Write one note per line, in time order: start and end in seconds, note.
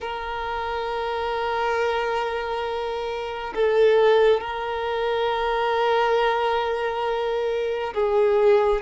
0.00 3.53 A#4
3.54 4.40 A4
4.40 7.93 A#4
7.94 8.81 G#4